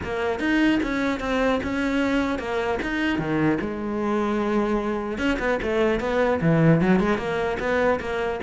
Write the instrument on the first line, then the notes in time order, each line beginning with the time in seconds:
cello
0.03 A#3
0.39 D#4
0.82 C#4
1.20 C4
1.63 C#4
2.39 A#3
2.82 D#4
3.18 D#3
3.60 G#3
5.18 C#4
5.39 B3
5.62 A3
6.00 B3
6.41 E3
6.81 F#3
6.99 G#3
7.17 A#3
7.59 B3
8.00 A#3